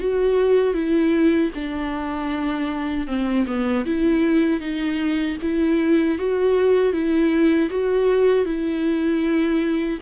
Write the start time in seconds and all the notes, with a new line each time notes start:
0.00 F#4
0.74 E4
1.55 D4
3.08 C4
3.47 B3
3.86 E4
4.60 D#4
5.42 E4
6.19 F#4
6.93 E4
7.70 F#4
8.45 E4